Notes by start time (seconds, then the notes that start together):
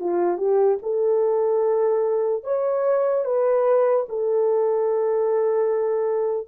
0.00 F4
0.38 G4
0.83 A4
2.44 C#5
3.25 B4
4.09 A4